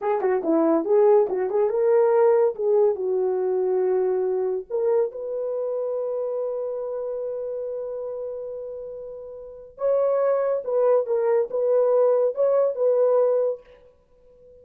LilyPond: \new Staff \with { instrumentName = "horn" } { \time 4/4 \tempo 4 = 141 gis'8 fis'8 e'4 gis'4 fis'8 gis'8 | ais'2 gis'4 fis'4~ | fis'2. ais'4 | b'1~ |
b'1~ | b'2. cis''4~ | cis''4 b'4 ais'4 b'4~ | b'4 cis''4 b'2 | }